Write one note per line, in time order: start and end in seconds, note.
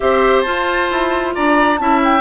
0.00 0.45 C4
0.00 0.44 G4
0.00 1.34 C5
0.00 0.40 E5
0.40 1.79 F4
0.40 0.90 F4
0.40 1.30 A5
0.90 1.35 E4
1.34 1.79 D4
1.34 1.79 D5
1.34 1.77 A#5
1.77 2.20 C#4
1.77 2.20 E4
1.77 2.20 E5
1.77 2.00 A5
2.04 2.20 G5